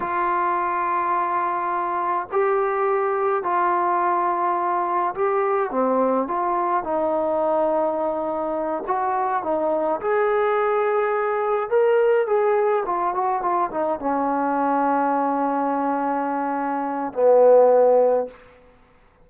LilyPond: \new Staff \with { instrumentName = "trombone" } { \time 4/4 \tempo 4 = 105 f'1 | g'2 f'2~ | f'4 g'4 c'4 f'4 | dis'2.~ dis'8 fis'8~ |
fis'8 dis'4 gis'2~ gis'8~ | gis'8 ais'4 gis'4 f'8 fis'8 f'8 | dis'8 cis'2.~ cis'8~ | cis'2 b2 | }